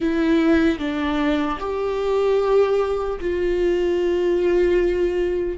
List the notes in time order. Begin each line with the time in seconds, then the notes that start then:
0.00 E4
0.79 D4
1.59 G4
3.20 F4